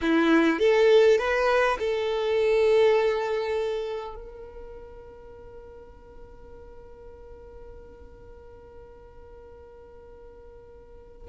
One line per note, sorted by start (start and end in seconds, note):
0.01 0.59 E4
0.59 1.18 A4
1.18 1.77 B4
1.79 4.15 A4
4.15 11.28 A#4